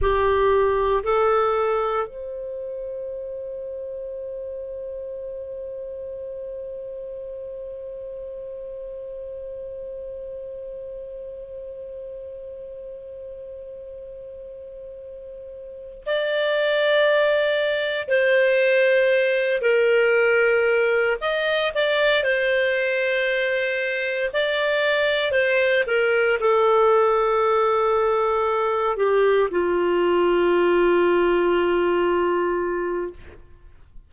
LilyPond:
\new Staff \with { instrumentName = "clarinet" } { \time 4/4 \tempo 4 = 58 g'4 a'4 c''2~ | c''1~ | c''1~ | c''2.~ c''8 d''8~ |
d''4. c''4. ais'4~ | ais'8 dis''8 d''8 c''2 d''8~ | d''8 c''8 ais'8 a'2~ a'8 | g'8 f'2.~ f'8 | }